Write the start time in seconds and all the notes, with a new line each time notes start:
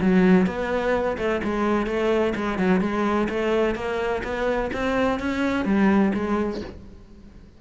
0.00 F#3
0.46 B3
1.17 A3
1.43 G#3
1.86 A3
2.35 G#3
2.58 F#3
2.80 G#3
3.29 A3
3.75 A#3
4.23 B3
4.73 C4
5.19 C#4
5.65 G3
6.14 G#3